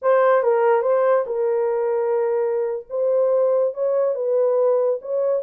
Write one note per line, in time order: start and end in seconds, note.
0.02 0.43 C5
0.43 0.82 A#4
0.82 1.24 C5
1.26 2.85 A#4
2.89 3.74 C5
3.74 4.14 C#5
4.14 4.99 B4
5.01 5.42 C#5